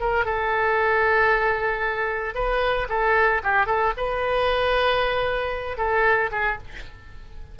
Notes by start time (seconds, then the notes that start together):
0.00 A#4
0.25 A4
2.34 B4
2.89 A4
3.43 G4
3.66 A4
3.97 B4
5.77 A4
6.31 G#4